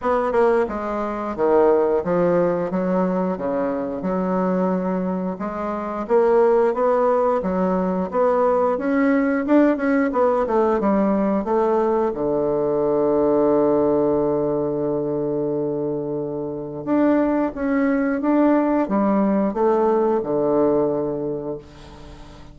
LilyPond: \new Staff \with { instrumentName = "bassoon" } { \time 4/4 \tempo 4 = 89 b8 ais8 gis4 dis4 f4 | fis4 cis4 fis2 | gis4 ais4 b4 fis4 | b4 cis'4 d'8 cis'8 b8 a8 |
g4 a4 d2~ | d1~ | d4 d'4 cis'4 d'4 | g4 a4 d2 | }